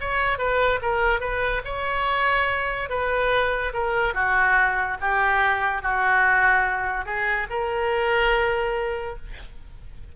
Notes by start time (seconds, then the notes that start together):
0.00 C#5
0.38 B4
0.81 A#4
1.20 B4
1.64 C#5
2.89 B4
3.73 A#4
4.14 F#4
5.00 G4
5.82 F#4
7.05 G#4
7.49 A#4